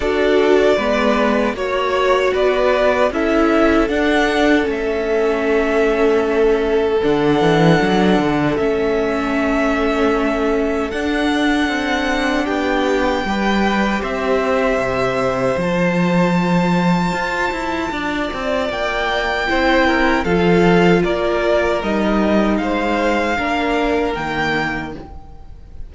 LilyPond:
<<
  \new Staff \with { instrumentName = "violin" } { \time 4/4 \tempo 4 = 77 d''2 cis''4 d''4 | e''4 fis''4 e''2~ | e''4 fis''2 e''4~ | e''2 fis''2 |
g''2 e''2 | a''1 | g''2 f''4 d''4 | dis''4 f''2 g''4 | }
  \new Staff \with { instrumentName = "violin" } { \time 4/4 a'4 b'4 cis''4 b'4 | a'1~ | a'1~ | a'1 |
g'4 b'4 c''2~ | c''2. d''4~ | d''4 c''8 ais'8 a'4 ais'4~ | ais'4 c''4 ais'2 | }
  \new Staff \with { instrumentName = "viola" } { \time 4/4 fis'4 b4 fis'2 | e'4 d'4 cis'2~ | cis'4 d'2 cis'4~ | cis'2 d'2~ |
d'4 g'2. | f'1~ | f'4 e'4 f'2 | dis'2 d'4 ais4 | }
  \new Staff \with { instrumentName = "cello" } { \time 4/4 d'4 gis4 ais4 b4 | cis'4 d'4 a2~ | a4 d8 e8 fis8 d8 a4~ | a2 d'4 c'4 |
b4 g4 c'4 c4 | f2 f'8 e'8 d'8 c'8 | ais4 c'4 f4 ais4 | g4 gis4 ais4 dis4 | }
>>